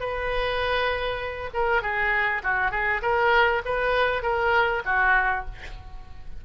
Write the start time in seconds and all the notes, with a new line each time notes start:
0.00 B4
1.54 A#4
1.82 G#4
2.43 F#4
2.71 G#4
3.02 A#4
3.65 B4
4.22 A#4
4.85 F#4